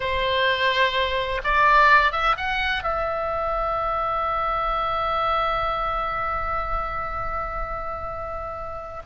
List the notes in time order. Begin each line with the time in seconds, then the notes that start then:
0.00 C5
1.44 D5
2.12 E5
2.37 F#5
2.83 E5